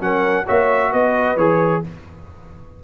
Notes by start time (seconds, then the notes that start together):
0.00 F#3 C#4 A#4 F#5
0.46 A#3 F#4 C#5 E5
0.93 B3 B4 D#5
1.36 E3 G#4 C#5